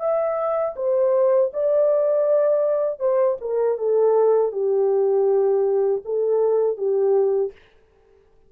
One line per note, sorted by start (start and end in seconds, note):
0.00 0.75 E5
0.76 1.51 C5
1.53 3.00 D5
3.00 3.38 C5
3.41 3.78 A#4
3.78 4.52 A4
4.52 6.02 G4
6.05 6.77 A4
6.77 7.52 G4